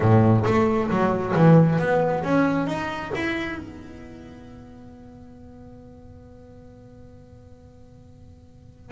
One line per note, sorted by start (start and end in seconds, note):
0.00 0.44 A2
0.45 0.89 A3
0.90 1.34 F#3
1.35 1.79 E3
1.79 2.23 B3
2.23 2.66 C#4
2.66 3.11 D#4
3.15 3.58 E4
3.58 8.91 B3